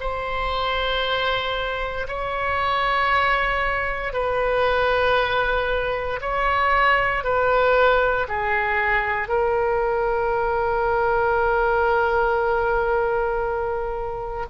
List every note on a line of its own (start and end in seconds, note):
0.00 2.07 C5
2.08 4.13 C#5
4.13 6.20 B4
6.21 7.24 C#5
7.24 8.27 B4
8.28 9.28 G#4
9.28 14.45 A#4